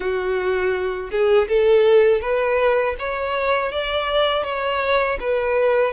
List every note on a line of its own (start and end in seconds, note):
0.00 1.10 F#4
1.11 1.48 G#4
1.48 2.21 A4
2.21 2.95 B4
2.98 3.72 C#5
3.72 4.43 D5
4.43 5.18 C#5
5.20 5.93 B4